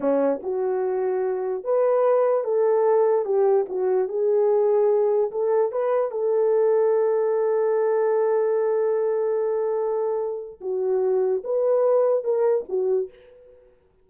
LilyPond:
\new Staff \with { instrumentName = "horn" } { \time 4/4 \tempo 4 = 147 cis'4 fis'2. | b'2 a'2 | g'4 fis'4 gis'2~ | gis'4 a'4 b'4 a'4~ |
a'1~ | a'1~ | a'2 fis'2 | b'2 ais'4 fis'4 | }